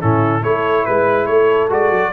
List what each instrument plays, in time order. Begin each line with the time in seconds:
0.00 tuba A2, trombone C#4, horn E4, trumpet A4
0.42 tuba A3, trombone E4, horn A4, trumpet C#5
0.84 tuba G#3, horn B4, trumpet B4
1.25 tuba A3, horn A4, trumpet C#5
1.69 tuba G#3, trombone F#4, trumpet D5
1.91 tuba F#3